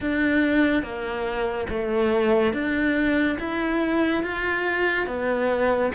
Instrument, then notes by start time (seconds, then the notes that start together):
cello
0.00 D4
0.82 A#3
1.69 A3
2.53 D4
3.39 E4
4.23 F4
5.07 B3